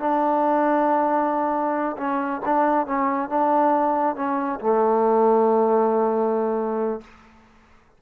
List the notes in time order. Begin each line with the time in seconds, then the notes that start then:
0.00 D4
1.98 C#4
2.46 D4
2.87 C#4
3.30 D4
4.16 C#4
4.60 A3